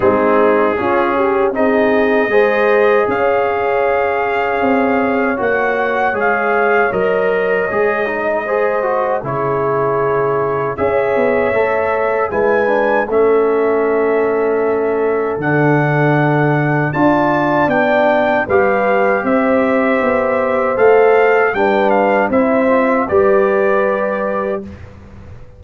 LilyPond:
<<
  \new Staff \with { instrumentName = "trumpet" } { \time 4/4 \tempo 4 = 78 gis'2 dis''2 | f''2. fis''4 | f''4 dis''2. | cis''2 e''2 |
gis''4 e''2. | fis''2 a''4 g''4 | f''4 e''2 f''4 | g''8 f''8 e''4 d''2 | }
  \new Staff \with { instrumentName = "horn" } { \time 4/4 dis'4 f'8 g'8 gis'4 c''4 | cis''1~ | cis''2. c''4 | gis'2 cis''2 |
b'4 a'2.~ | a'2 d''2 | b'4 c''2. | b'4 c''4 b'2 | }
  \new Staff \with { instrumentName = "trombone" } { \time 4/4 c'4 cis'4 dis'4 gis'4~ | gis'2. fis'4 | gis'4 ais'4 gis'8 dis'8 gis'8 fis'8 | e'2 gis'4 a'4 |
e'8 d'8 cis'2. | d'2 f'4 d'4 | g'2. a'4 | d'4 e'8 f'8 g'2 | }
  \new Staff \with { instrumentName = "tuba" } { \time 4/4 gis4 cis'4 c'4 gis4 | cis'2 c'4 ais4 | gis4 fis4 gis2 | cis2 cis'8 b8 a4 |
gis4 a2. | d2 d'4 b4 | g4 c'4 b4 a4 | g4 c'4 g2 | }
>>